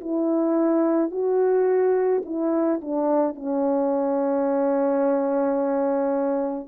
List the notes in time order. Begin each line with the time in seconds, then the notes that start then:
0.00 E4
1.11 F#4
2.25 E4
2.81 D4
3.35 C#4